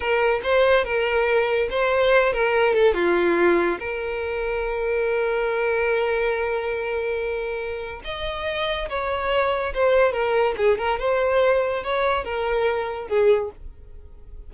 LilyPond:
\new Staff \with { instrumentName = "violin" } { \time 4/4 \tempo 4 = 142 ais'4 c''4 ais'2 | c''4. ais'4 a'8 f'4~ | f'4 ais'2.~ | ais'1~ |
ais'2. dis''4~ | dis''4 cis''2 c''4 | ais'4 gis'8 ais'8 c''2 | cis''4 ais'2 gis'4 | }